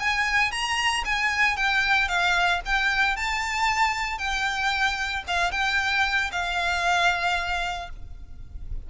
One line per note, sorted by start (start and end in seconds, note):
0.00 0.51 G#5
0.51 1.04 A#5
1.05 1.57 G#5
1.57 2.08 G5
2.08 2.61 F5
2.65 3.16 G5
3.16 4.18 A5
4.18 5.23 G5
5.27 5.51 F5
5.51 6.30 G5
6.32 7.90 F5